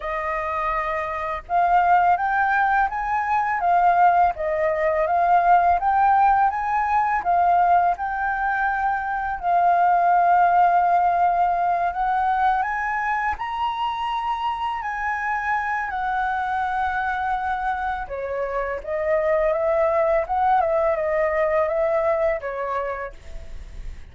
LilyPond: \new Staff \with { instrumentName = "flute" } { \time 4/4 \tempo 4 = 83 dis''2 f''4 g''4 | gis''4 f''4 dis''4 f''4 | g''4 gis''4 f''4 g''4~ | g''4 f''2.~ |
f''8 fis''4 gis''4 ais''4.~ | ais''8 gis''4. fis''2~ | fis''4 cis''4 dis''4 e''4 | fis''8 e''8 dis''4 e''4 cis''4 | }